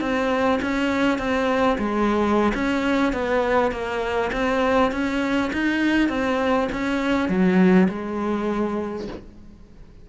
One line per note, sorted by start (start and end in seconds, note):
0.00 0.59 C4
0.62 1.18 C#4
1.18 1.77 C4
1.78 2.52 G#3
2.54 3.13 C#4
3.13 3.71 B3
3.71 4.30 A#3
4.32 4.91 C4
4.91 5.51 C#4
5.52 6.09 D#4
6.09 6.68 C4
6.72 7.28 C#4
7.28 7.88 F#3
7.88 9.07 G#3